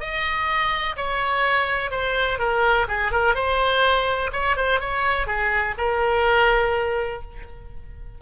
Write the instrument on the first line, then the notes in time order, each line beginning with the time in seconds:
oboe
0.00 D#5
0.96 C#5
1.91 C5
2.39 A#4
2.88 G#4
3.12 A#4
3.35 C5
4.32 C#5
4.56 C5
4.80 C#5
5.26 G#4
5.78 A#4